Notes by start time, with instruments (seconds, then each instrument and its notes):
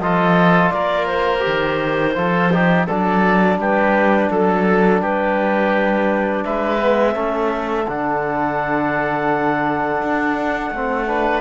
0.00 cello F3, trombone F4, oboe A4, clarinet D#5
0.71 cello A#3, oboe A#4, clarinet D5
1.07 clarinet C5
1.40 trombone G4
1.47 cello D#3
2.15 cello F3, trombone F4, oboe A4
2.53 trombone D#4, oboe G4
2.87 cello F#3, trombone D4, oboe A4, clarinet D5
3.59 cello G3, oboe G4, clarinet B4
4.31 cello F#3, oboe A4, clarinet A4
5.02 cello G3, oboe G4, clarinet B4
6.45 cello G#3, oboe B4, clarinet E5
6.79 trombone B3
7.15 cello A3, trombone C#4, oboe A4
7.88 cello D3, trombone D4, clarinet F#5
10.03 cello D4
10.71 cello A3, trombone C4
11.07 trombone D4, oboe B4